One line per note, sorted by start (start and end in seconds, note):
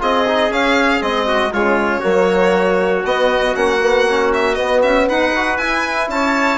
0.00 0.50 C4
0.00 0.25 F4
0.00 1.26 G#4
0.00 0.53 D#5
0.27 0.52 D#4
0.50 1.01 C#4
0.50 1.02 F5
1.01 1.53 G#3
1.01 1.52 C4
1.01 1.53 D#5
1.26 1.52 F#4
1.53 2.04 C#3
1.53 2.02 G#3
1.53 2.00 F4
1.53 3.06 C#5
2.00 3.05 F#3
2.00 3.04 A#3
2.00 5.05 F#4
3.05 3.56 B3
3.05 3.54 B3
3.05 3.56 D#5
3.54 4.58 A#3
3.54 3.79 C#4
3.54 4.32 F#5
3.82 4.08 B3
4.10 4.55 C#4
4.34 4.55 E5
4.55 5.32 B3
4.55 4.83 B3
4.55 4.81 D#5
4.83 5.09 C#4
4.83 5.08 E5
5.08 5.58 D#4
5.08 6.10 B4
5.08 5.57 F#5
5.36 5.61 F#4
5.57 6.08 E4
5.57 6.58 E4
5.57 6.08 G#5
6.08 6.58 C#4
6.08 6.58 C#5
6.08 6.58 A5